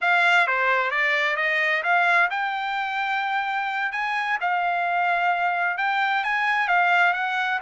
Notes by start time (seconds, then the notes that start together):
0.01 F5
0.47 C5
0.90 D5
1.36 D#5
1.83 F5
2.30 G5
3.92 G#5
4.41 F5
5.77 G5
6.24 G#5
6.68 F5
7.13 F#5